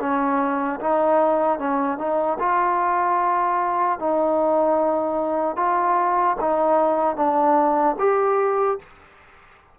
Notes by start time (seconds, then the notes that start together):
0.00 C#4
0.80 D#4
1.59 C#4
1.98 D#4
2.39 F4
3.99 D#4
5.57 F4
6.41 D#4
7.16 D4
7.99 G4